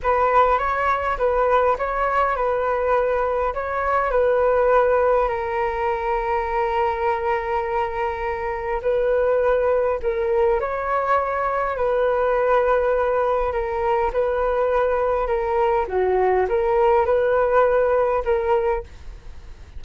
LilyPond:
\new Staff \with { instrumentName = "flute" } { \time 4/4 \tempo 4 = 102 b'4 cis''4 b'4 cis''4 | b'2 cis''4 b'4~ | b'4 ais'2.~ | ais'2. b'4~ |
b'4 ais'4 cis''2 | b'2. ais'4 | b'2 ais'4 fis'4 | ais'4 b'2 ais'4 | }